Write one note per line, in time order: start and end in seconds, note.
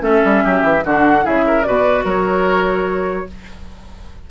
0.00 0.22 A3
0.00 0.81 C#4
0.00 0.44 A4
0.00 0.85 E5
0.25 0.45 G3
0.44 0.63 F#3
0.44 0.84 G4
0.63 0.83 E3
0.85 1.26 D3
0.85 1.23 D4
0.85 1.25 F#4
0.85 1.27 F#5
1.23 1.67 C#3
1.23 1.63 E4
1.23 1.45 G#4
1.23 1.63 E5
1.47 1.67 A#4
1.63 2.05 B2
1.63 3.27 F#4
1.63 2.05 B4
1.63 2.04 D5
2.05 3.26 F#3
2.05 3.26 A#4
2.05 3.31 C#5